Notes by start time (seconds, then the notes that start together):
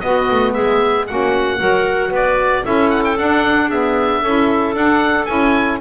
0.00 B3 F#4 D#5
0.31 A3
0.52 G#3 G#4 E5
1.07 A#3 C#4 F#4 F#5
1.57 F#3 F#4 A#4
2.10 B3 B4 D5
2.63 C#4 E4 A4 E5
2.90 F#5
3.04 G5
3.17 D4 F#5
3.67 B3 G#4 E5
4.21 C#4 E4 A4
4.73 D4 F#5
5.25 C#4 E4 G#5